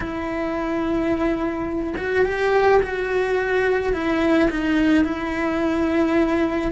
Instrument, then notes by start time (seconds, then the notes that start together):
cello
0.00 E4
1.97 F#4
2.25 G4
2.82 F#4
3.93 E4
4.50 D#4
5.04 E4